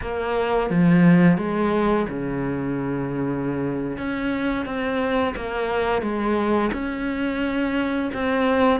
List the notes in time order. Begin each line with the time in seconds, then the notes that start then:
0.01 A#3
0.70 F3
1.37 G#3
2.09 C#3
3.97 C#4
4.65 C4
5.36 A#3
6.02 G#3
6.72 C#4
8.13 C4